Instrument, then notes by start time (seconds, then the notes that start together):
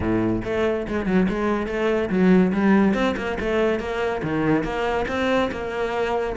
cello
0.00 A2
0.44 A3
0.87 G#3
1.06 F#3
1.28 G#3
1.67 A3
2.09 F#3
2.52 G3
2.94 C4
3.16 A#3
3.40 A3
3.79 A#3
4.22 D#3
4.63 A#3
5.08 C4
5.51 A#3